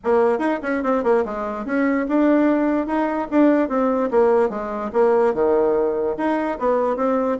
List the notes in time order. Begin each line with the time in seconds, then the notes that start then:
0.04 A#3
0.38 D#4
0.62 C#4
0.83 C4
1.03 A#3
1.25 G#3
1.65 C#4
2.08 D4
2.86 D#4
3.30 D4
3.69 C4
4.10 A#3
4.49 G#3
4.93 A#3
5.34 D#3
6.17 D#4
6.58 B3
6.96 C4